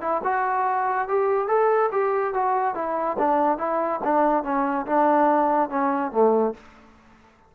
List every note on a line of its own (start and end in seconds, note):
0.00 0.21 E4
0.23 1.08 F#4
1.08 1.47 G4
1.47 1.90 A4
1.91 2.34 G4
2.34 2.74 F#4
2.74 3.17 E4
3.18 3.58 D4
3.58 4.00 E4
4.04 4.43 D4
4.43 4.85 C#4
4.86 5.69 D4
5.69 6.11 C#4
6.11 6.53 A3